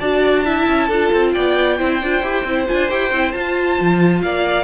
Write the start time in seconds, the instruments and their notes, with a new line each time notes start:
0.00 cello D4, viola F#4, violin D5 A5
0.45 viola E4, violin E5
0.68 cello C#4
0.88 cello D4, viola F4, violin A4
1.14 cello C4
1.33 cello B3, violin D5 G5
1.78 cello C4, viola E4, violin C5
2.03 cello D4, viola F4
2.22 cello E4, viola G4
2.44 cello C4, viola E4
2.68 cello D4, viola F4, violin G#5
2.90 cello E4, viola G4, violin G5
3.12 cello C4, viola E4
3.32 viola F4, cello F4, violin A5
3.81 cello F3
4.22 cello A#3, violin D5 F5